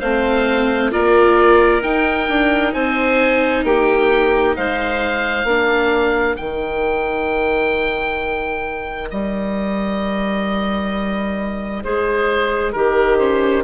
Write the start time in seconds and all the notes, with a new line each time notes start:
0.00 A3 C4 C5 F5
0.92 A#3 F4 A#4 D5
1.83 D#4 G5
2.29 D4
2.74 C4 C5 G#5
3.64 A#3 G4 G5
4.57 G#3 C5 F5
5.45 A#3 D4 A#4
6.37 D#3 D#4 G5
9.11 G3 D#5
11.84 G#3 G#4 C5
12.73 D#3 G4 A#4
13.18 C#4 C5